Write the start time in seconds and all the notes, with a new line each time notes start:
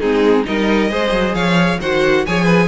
0.00 G#3 C4 D#4 G#4
0.44 G3 D#4 A#4 D#5
0.90 G#3 G#4 C5
1.10 F#3
1.33 F3 C#5 F5
1.80 D#3 F#4 C5 F#5
2.26 F3 G#4 C#5 G#5
2.44 B4